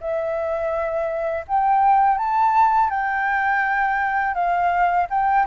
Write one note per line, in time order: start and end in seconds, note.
0.00 1.45 E5
1.47 2.18 G5
2.18 2.90 A5
2.90 4.34 G5
4.34 5.07 F5
5.10 5.46 G5